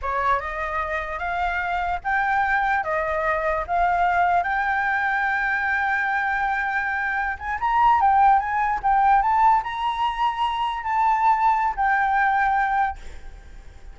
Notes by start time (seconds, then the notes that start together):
0.01 C#5
0.40 D#5
1.18 F5
2.04 G5
2.83 D#5
3.67 F5
4.43 G5
7.38 G#5
7.60 A#5
8.00 G5
8.39 G#5
8.82 G5
9.22 A5
9.63 A#5
10.83 A5
11.76 G5